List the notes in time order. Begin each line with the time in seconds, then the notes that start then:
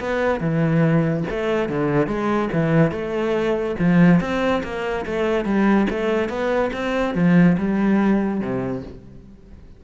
0.00 B3
0.40 E3
1.30 A3
1.69 D3
2.07 G#3
2.53 E3
2.92 A3
3.79 F3
4.21 C4
4.64 A#3
5.06 A3
5.45 G3
5.90 A3
6.29 B3
6.73 C4
7.15 F3
7.58 G3
8.41 C3